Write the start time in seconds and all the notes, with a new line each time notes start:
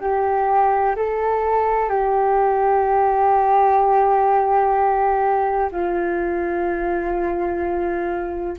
0.00 G4
0.96 A4
1.89 G4
5.71 F4